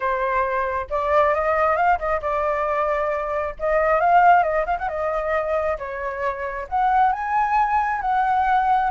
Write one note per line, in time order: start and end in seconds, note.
0.00 0.87 C5
0.89 1.34 D5
1.34 1.76 D#5
1.76 1.98 F5
1.98 2.21 D#5
2.21 3.55 D5
3.59 4.00 D#5
4.00 4.43 F5
4.43 4.65 D#5
4.66 4.77 F5
4.78 4.88 F#5
4.88 5.77 D#5
5.78 6.67 C#5
6.68 7.12 F#5
7.12 8.01 G#5
8.01 8.90 F#5